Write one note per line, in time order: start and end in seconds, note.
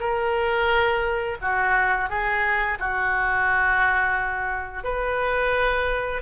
0.00 1.38 A#4
1.42 2.10 F#4
2.10 2.79 G#4
2.80 4.84 F#4
4.84 6.22 B4